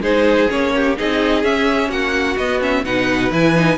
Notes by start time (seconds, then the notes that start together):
0.00 G#3 D#4 G#4 C5
0.49 A#3 C#4 C#5
0.76 G4
0.97 C4 D#4 G#4 D#5
1.44 C#4 E5
1.89 A#3 F#4 F#5
2.37 B3 D#5
2.61 C#4 E5
2.85 B2 D#4 B4 F#5
3.31 E3 E4 G#5
3.55 D#4